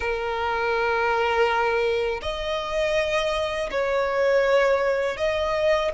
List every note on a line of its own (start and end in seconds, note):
0.00 2.21 A#4
2.22 3.70 D#5
3.70 5.17 C#5
5.17 5.91 D#5